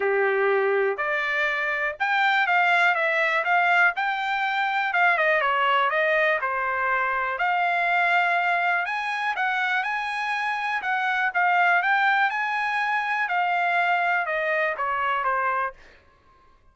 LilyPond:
\new Staff \with { instrumentName = "trumpet" } { \time 4/4 \tempo 4 = 122 g'2 d''2 | g''4 f''4 e''4 f''4 | g''2 f''8 dis''8 cis''4 | dis''4 c''2 f''4~ |
f''2 gis''4 fis''4 | gis''2 fis''4 f''4 | g''4 gis''2 f''4~ | f''4 dis''4 cis''4 c''4 | }